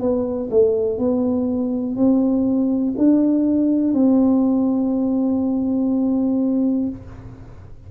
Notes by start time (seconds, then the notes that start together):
0.00 B3
0.51 A3
0.98 B3
1.96 C4
2.97 D4
3.93 C4